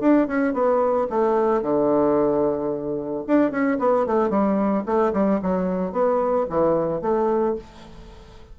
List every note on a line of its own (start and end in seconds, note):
0.00 0.27 D4
0.27 0.53 C#4
0.53 1.07 B3
1.09 1.62 A3
1.62 3.24 D3
3.27 3.51 D4
3.51 3.78 C#4
3.79 4.06 B3
4.06 4.29 A3
4.29 4.83 G3
4.85 5.12 A3
5.13 5.40 G3
5.42 5.92 F#3
5.92 6.46 B3
6.49 7.01 E3
7.01 7.55 A3